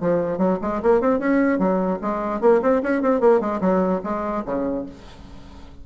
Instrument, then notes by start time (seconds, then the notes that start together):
bassoon
0.00 F3
0.38 F#3
0.61 G#3
0.82 A#3
1.00 C4
1.19 C#4
1.58 F#3
2.01 G#3
2.41 A#3
2.62 C4
2.83 C#4
3.01 C4
3.20 A#3
3.40 G#3
3.61 F#3
4.03 G#3
4.45 C#3